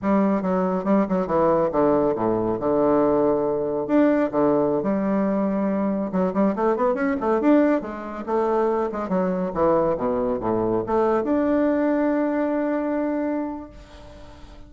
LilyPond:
\new Staff \with { instrumentName = "bassoon" } { \time 4/4 \tempo 4 = 140 g4 fis4 g8 fis8 e4 | d4 a,4 d2~ | d4 d'4 d4~ d16 g8.~ | g2~ g16 fis8 g8 a8 b16~ |
b16 cis'8 a8 d'4 gis4 a8.~ | a8. gis8 fis4 e4 b,8.~ | b,16 a,4 a4 d'4.~ d'16~ | d'1 | }